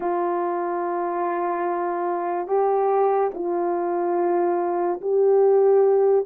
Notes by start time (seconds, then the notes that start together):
0.00 F4
2.47 G4
3.34 F4
5.01 G4